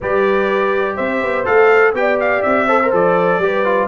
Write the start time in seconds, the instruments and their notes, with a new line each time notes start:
0.01 tuba G3, trombone G4, horn B4, trumpet D5
0.95 tuba C4, horn C5, trumpet E5
1.22 tuba B3
1.44 tuba A3, trombone A4, trumpet F5
1.93 tuba B3, trombone G4, horn D5, trumpet G5
2.20 trumpet F5
2.42 tuba C4, trumpet E5
2.66 trombone A4, horn C5
2.82 trombone A#4
2.92 tuba F3, trombone A4, trumpet D5
3.38 tuba G3, trombone G4, horn B4
3.64 trombone F4